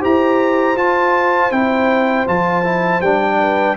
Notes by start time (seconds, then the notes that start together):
0.00 E4 G4 C5 A#5
0.76 F4 A5
1.51 C4 E4 G5
2.26 F3 F4 A5
2.64 E4
3.00 G3 D4 G5
3.38 B4